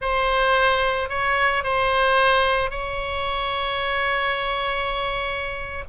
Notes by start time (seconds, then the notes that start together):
0.01 C5
1.09 C#5
1.63 C5
2.70 C#5